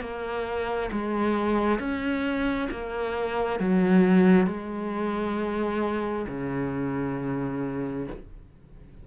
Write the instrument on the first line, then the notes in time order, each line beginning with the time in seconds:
cello
0.00 A#3
0.92 G#3
1.79 C#4
2.71 A#3
3.59 F#3
4.47 G#3
6.28 C#3